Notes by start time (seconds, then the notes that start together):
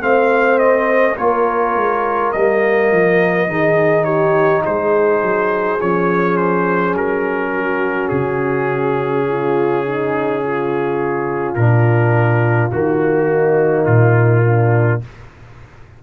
0.00 A3 C4 C5 F5
0.58 D#5
1.17 A#3 F4 A#4 C#5
1.75 G#3
2.32 G3 A#3 D#5
2.91 F3
3.47 D#3 D#4 G#4
4.04 G4 C#5
4.64 G#3 G#4 C5
5.22 F#3
5.81 F3 C#4 C#5
6.36 C5
6.93 F#3 A#4
7.54 F#4
8.08 C#3 G#4
9.27 F4
9.84 D#4
10.43 F4
11.54 A#2 D4 A#4
12.70 D#3 A#3 F#4
13.28 D#4
13.85 A#2 F4
14.45 D4